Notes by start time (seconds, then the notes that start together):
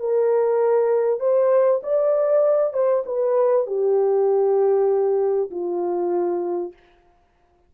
0.00 A#4
1.20 C5
1.83 D5
2.74 C5
3.06 B4
3.67 G4
5.51 F4